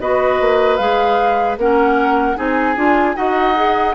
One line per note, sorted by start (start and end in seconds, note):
0.00 0.40 B3
0.00 0.79 F#4
0.00 1.59 B4
0.00 0.76 D#5
0.40 0.79 A#3
0.76 1.57 G#3
0.76 1.58 G#4
0.76 1.55 F5
1.57 2.36 A#3
1.57 2.36 C#4
1.57 2.37 A#4
1.57 2.38 F#5
2.36 2.76 C4
2.36 2.75 D#4
2.36 3.16 G#4
2.36 3.16 G#5
2.76 3.16 D4
2.76 3.15 F4
3.15 3.95 D#4
3.15 3.55 F#4
3.15 3.95 D#5
3.15 3.95 F#5
3.55 3.95 G#4